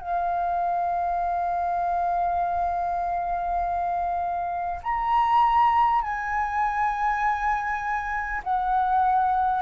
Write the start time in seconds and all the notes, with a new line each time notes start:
0.00 F5
4.83 A#5
6.02 G#5
8.44 F#5